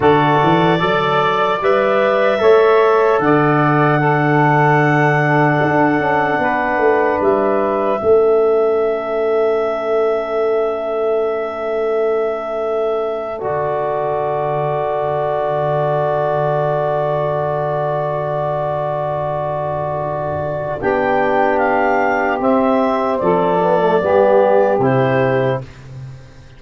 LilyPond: <<
  \new Staff \with { instrumentName = "clarinet" } { \time 4/4 \tempo 4 = 75 d''2 e''2 | fis''1~ | fis''4 e''2.~ | e''1~ |
e''8. d''2.~ d''16~ | d''1~ | d''2 g''4 f''4 | e''4 d''2 c''4 | }
  \new Staff \with { instrumentName = "saxophone" } { \time 4/4 a'4 d''2 cis''4 | d''4 a'2. | b'2 a'2~ | a'1~ |
a'1~ | a'1~ | a'2 g'2~ | g'4 a'4 g'2 | }
  \new Staff \with { instrumentName = "trombone" } { \time 4/4 fis'4 a'4 b'4 a'4~ | a'4 d'2.~ | d'2 cis'2~ | cis'1~ |
cis'8. fis'2.~ fis'16~ | fis'1~ | fis'2 d'2 | c'4. b16 a16 b4 e'4 | }
  \new Staff \with { instrumentName = "tuba" } { \time 4/4 d8 e8 fis4 g4 a4 | d2. d'8 cis'8 | b8 a8 g4 a2~ | a1~ |
a8. d2.~ d16~ | d1~ | d2 b2 | c'4 f4 g4 c4 | }
>>